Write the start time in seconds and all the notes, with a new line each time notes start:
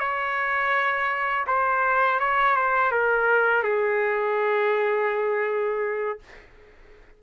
0.00 C#5
1.47 C5
2.20 C#5
2.56 C5
2.92 A#4
3.64 G#4